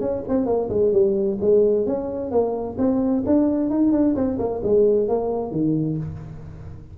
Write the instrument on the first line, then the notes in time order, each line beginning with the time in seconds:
tuba
0.00 C#4
0.28 C4
0.46 A#3
0.69 G#3
0.92 G3
1.40 G#3
1.86 C#4
2.31 A#3
2.78 C4
3.25 D4
3.70 D#4
3.92 D4
4.15 C4
4.38 A#3
4.63 G#3
5.08 A#3
5.51 D#3